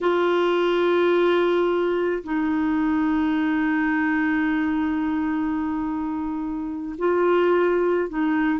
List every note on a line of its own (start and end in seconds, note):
0.01 2.23 F4
2.23 6.96 D#4
6.98 8.09 F4
8.09 8.59 D#4